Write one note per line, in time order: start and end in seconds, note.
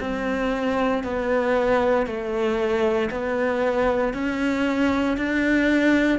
0.00 1.03 C4
1.04 2.06 B3
2.06 3.10 A3
3.10 4.14 B3
4.14 5.17 C#4
5.17 6.19 D4